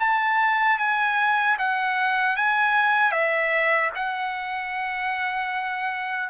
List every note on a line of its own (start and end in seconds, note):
0.00 0.79 A5
0.79 1.58 G#5
1.59 2.36 F#5
2.36 3.12 G#5
3.12 3.91 E5
3.95 6.30 F#5